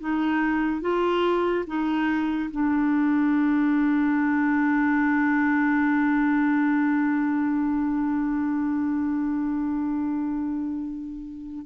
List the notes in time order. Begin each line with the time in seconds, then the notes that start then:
0.00 D#4
0.81 F4
1.66 D#4
2.50 D4